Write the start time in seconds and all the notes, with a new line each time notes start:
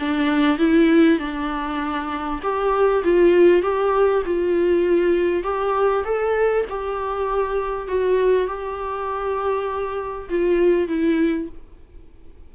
0.00 D4
0.59 E4
1.19 D4
2.43 G4
3.04 F4
3.63 G4
4.26 F4
5.44 G4
6.05 A4
6.70 G4
7.88 F#4
8.48 G4
10.30 F4
10.88 E4